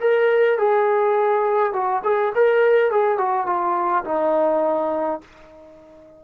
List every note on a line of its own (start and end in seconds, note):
0.00 0.58 A#4
0.58 1.73 G#4
1.73 2.02 F#4
2.04 2.33 G#4
2.35 2.90 A#4
2.90 3.17 G#4
3.17 3.46 F#4
3.46 4.04 F4
4.04 5.21 D#4